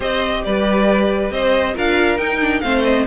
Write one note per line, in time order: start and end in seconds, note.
0.00 0.43 C4
0.00 1.74 G4
0.00 0.42 C5
0.00 0.44 D#5
0.44 1.30 G3
0.44 1.33 B4
0.44 1.31 D5
1.30 1.74 C4
1.30 1.74 C5
1.30 1.75 D#5
1.74 2.18 D4
1.74 2.18 F4
1.74 2.62 A#4
1.74 2.18 F5
2.18 2.61 D#4
2.18 2.40 D#4
2.18 2.60 G5
2.40 2.62 D4
2.60 3.07 A3
2.60 3.07 C4
2.60 3.06 C5
2.60 2.82 F5
2.84 3.05 D#5